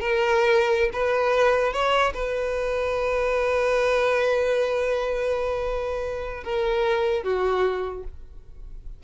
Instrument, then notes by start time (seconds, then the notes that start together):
violin
0.00 A#4
0.93 B4
1.73 C#5
2.13 B4
6.43 A#4
7.23 F#4